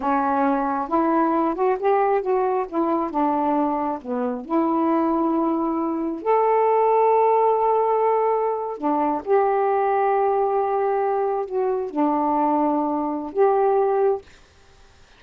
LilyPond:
\new Staff \with { instrumentName = "saxophone" } { \time 4/4 \tempo 4 = 135 cis'2 e'4. fis'8 | g'4 fis'4 e'4 d'4~ | d'4 b4 e'2~ | e'2 a'2~ |
a'2.~ a'8. d'16~ | d'8. g'2.~ g'16~ | g'4.~ g'16 fis'4 d'4~ d'16~ | d'2 g'2 | }